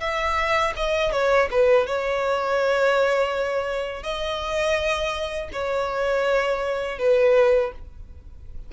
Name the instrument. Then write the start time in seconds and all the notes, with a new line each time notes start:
violin
0.00 E5
0.76 D#5
1.12 C#5
1.51 B4
1.86 C#5
4.03 D#5
5.52 C#5
6.98 B4